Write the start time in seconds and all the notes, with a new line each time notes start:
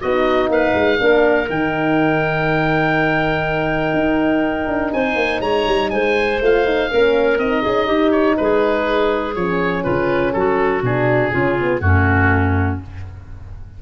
0.00 B3 D#4 F#4 D#5
0.48 A#3 B4 F5
0.74 G#3
0.98 A#3 D4 A#4
1.49 D#3 D#4 G5
3.93 D#4
4.67 D4
4.93 C4 C5 G#5
5.15 A#3
5.40 G#3 C#5 A#5
5.67 G3
5.90 G#3 C5 G#5
6.40 A3 F4 F5
6.64 D#4
6.90 A#3 C#4 A#4
7.38 C4 D#4 D#5
7.62 C#4 G#4
7.86 D#4 G4
8.11 C#5
8.37 G#3 G#4 B4
9.35 F3 C#4 C#5
9.82 C#3 F4 B4
10.33 F#3 F#4 A4
10.82 B2 D4 G#4
11.31 C#3 C#4 F4
11.58 B3
11.80 F#2 A3 C#4 F#4